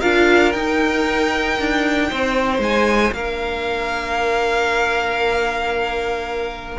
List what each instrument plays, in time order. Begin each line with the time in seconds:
0.00 cello D4, viola F4, violin A#4 F5
0.52 cello D#4, viola D#4, violin G5
1.60 cello D4
2.10 cello C4, violin C5
2.59 cello G#3, violin G#5
3.12 cello A#3, viola D4, violin A#4 F5